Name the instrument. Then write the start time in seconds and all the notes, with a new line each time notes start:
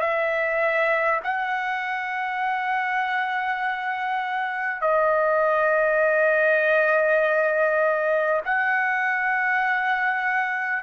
trumpet
0.00 E5
1.23 F#5
4.81 D#5
8.44 F#5